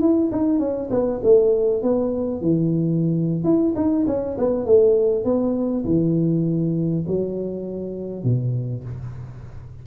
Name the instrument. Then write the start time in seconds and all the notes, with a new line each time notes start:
tuba
0.00 E4
0.31 D#4
0.59 C#4
0.90 B3
1.23 A3
1.82 B3
2.41 E3
3.44 E4
3.76 D#4
4.07 C#4
4.37 B3
4.65 A3
5.24 B3
5.84 E3
7.07 F#3
8.23 B2